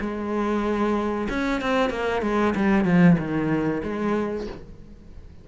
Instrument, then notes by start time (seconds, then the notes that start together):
cello
0.00 G#3
1.29 C#4
1.61 C4
1.90 A#3
2.22 G#3
2.55 G3
2.85 F3
3.18 D#3
3.83 G#3